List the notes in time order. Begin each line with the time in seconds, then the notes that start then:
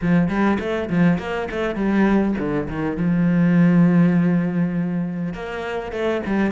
0.01 F3
0.28 G3
0.59 A3
0.89 F3
1.18 A#3
1.50 A3
1.75 G3
2.38 D3
2.68 D#3
2.96 F3
5.33 A#3
5.92 A3
6.26 G3